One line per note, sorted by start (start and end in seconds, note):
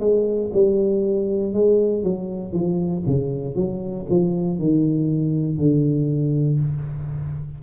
0.00 0.51 G#3
0.53 1.53 G3
1.53 2.03 G#3
2.03 2.52 F#3
2.52 3.03 F3
3.06 3.55 C#3
3.55 4.06 F#3
4.10 4.58 F3
4.58 5.57 D#3
5.57 6.59 D3